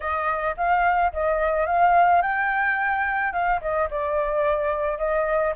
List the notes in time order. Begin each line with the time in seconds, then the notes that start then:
0.00 D#5
0.57 F5
1.12 D#5
1.66 F5
2.22 G5
3.32 F5
3.61 D#5
3.90 D5
4.97 D#5